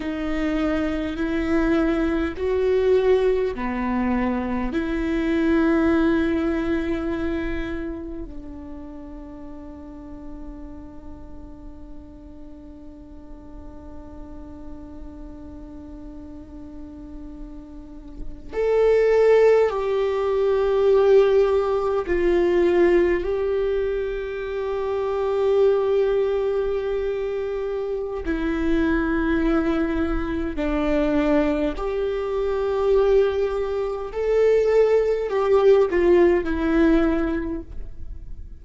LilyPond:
\new Staff \with { instrumentName = "viola" } { \time 4/4 \tempo 4 = 51 dis'4 e'4 fis'4 b4 | e'2. d'4~ | d'1~ | d'2.~ d'8. a'16~ |
a'8. g'2 f'4 g'16~ | g'1 | e'2 d'4 g'4~ | g'4 a'4 g'8 f'8 e'4 | }